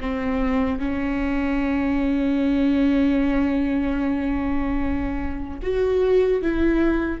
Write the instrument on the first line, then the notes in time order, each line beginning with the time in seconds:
viola
0.00 C4
0.79 C#4
5.62 F#4
6.42 E4